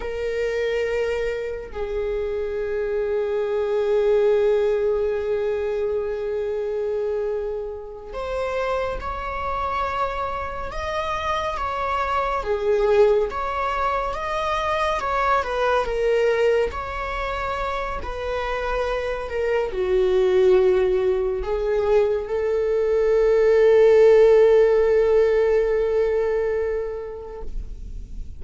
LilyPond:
\new Staff \with { instrumentName = "viola" } { \time 4/4 \tempo 4 = 70 ais'2 gis'2~ | gis'1~ | gis'4. c''4 cis''4.~ | cis''8 dis''4 cis''4 gis'4 cis''8~ |
cis''8 dis''4 cis''8 b'8 ais'4 cis''8~ | cis''4 b'4. ais'8 fis'4~ | fis'4 gis'4 a'2~ | a'1 | }